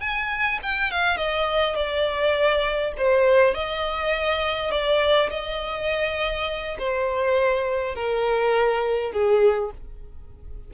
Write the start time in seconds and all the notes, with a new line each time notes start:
0.00 G#5
0.62 G5
0.91 F5
1.17 D#5
1.75 D5
2.97 C5
3.54 D#5
4.71 D5
5.30 D#5
6.78 C5
7.95 A#4
9.12 G#4